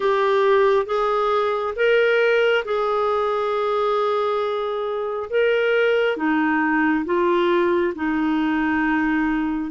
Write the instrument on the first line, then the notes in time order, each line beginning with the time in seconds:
clarinet
0.00 G4
0.86 G#4
1.76 A#4
2.65 G#4
5.29 A#4
6.16 D#4
7.05 F4
7.95 D#4